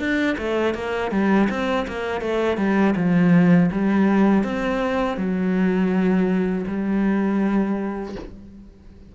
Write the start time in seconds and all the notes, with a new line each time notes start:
0.00 D4
0.38 A3
0.75 A#3
1.12 G3
1.50 C4
1.88 A#3
2.22 A3
2.58 G3
2.96 F3
3.72 G3
4.44 C4
5.18 F#3
6.68 G3